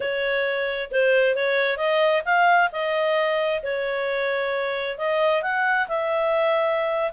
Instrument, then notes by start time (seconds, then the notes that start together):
clarinet
0.00 C#5
0.91 C5
1.35 C#5
1.77 D#5
2.25 F5
2.71 D#5
3.62 C#5
4.98 D#5
5.42 F#5
5.88 E5